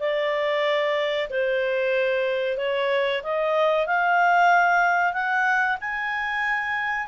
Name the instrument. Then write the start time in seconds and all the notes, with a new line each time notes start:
clarinet
0.00 D5
1.30 C5
2.58 C#5
3.23 D#5
3.87 F5
5.13 F#5
5.81 G#5